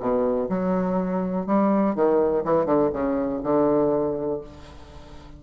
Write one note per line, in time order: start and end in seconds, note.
0.00 0.49 B2
0.49 1.46 F#3
1.46 1.95 G3
1.95 2.44 D#3
2.44 2.65 E3
2.65 2.90 D3
2.93 3.41 C#3
3.43 4.41 D3